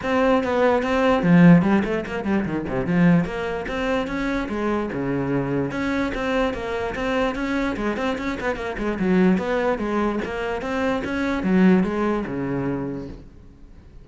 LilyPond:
\new Staff \with { instrumentName = "cello" } { \time 4/4 \tempo 4 = 147 c'4 b4 c'4 f4 | g8 a8 ais8 g8 dis8 c8 f4 | ais4 c'4 cis'4 gis4 | cis2 cis'4 c'4 |
ais4 c'4 cis'4 gis8 c'8 | cis'8 b8 ais8 gis8 fis4 b4 | gis4 ais4 c'4 cis'4 | fis4 gis4 cis2 | }